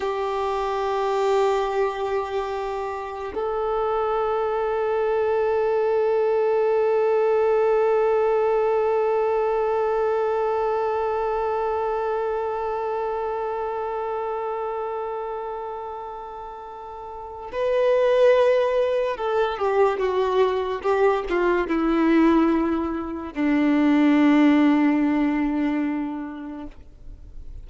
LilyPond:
\new Staff \with { instrumentName = "violin" } { \time 4/4 \tempo 4 = 72 g'1 | a'1~ | a'1~ | a'1~ |
a'1~ | a'4 b'2 a'8 g'8 | fis'4 g'8 f'8 e'2 | d'1 | }